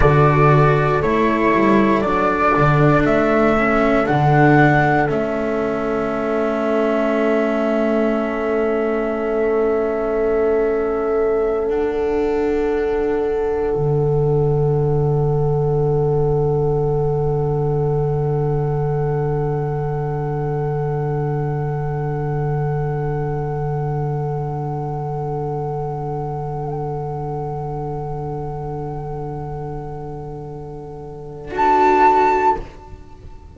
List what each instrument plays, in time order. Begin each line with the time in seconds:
0.00 double bass D3, cello F#4, horn A4, flute D5
1.01 double bass A3, cello E4, flute C#5
1.53 double bass G3
2.01 double bass F#3, cello D4, flute D5
2.56 double bass D3
3.05 double bass A3, flute E5
3.57 cello C#4
4.06 double bass D3, cello D4, flute F#5
5.07 double bass A3, cello C#4, flute E5
11.69 double bass D4, cello D4, flute F#5
13.75 double bass D3
31.51 double bass D4, cello F#4, flute A5